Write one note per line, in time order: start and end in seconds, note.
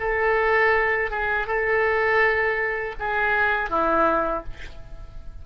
0.00 1.10 A4
1.10 1.47 G#4
1.47 2.95 A4
2.99 3.70 G#4
3.70 4.44 E4